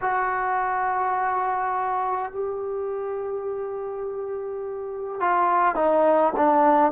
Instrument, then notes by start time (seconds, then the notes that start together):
trombone
0.01 F#4
2.32 G4
5.20 F4
5.75 D#4
6.36 D4